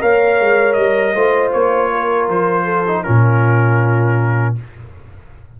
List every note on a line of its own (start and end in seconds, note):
0.00 0.39 A#3
0.00 1.14 A#4
0.00 1.15 C#5
0.00 0.73 F5
0.39 0.76 G#3
0.73 1.14 G3
0.73 1.49 D#5
1.14 1.52 A3
1.14 2.85 F4
1.14 1.91 C5
1.52 2.28 A#3
1.52 2.28 C#5
1.91 2.64 A#4
2.28 3.04 F3
2.28 3.03 C5
2.64 3.02 A4
2.87 3.04 D#4
3.03 4.60 A#2
3.03 4.56 C#4
3.03 4.56 F4
3.03 4.55 A#4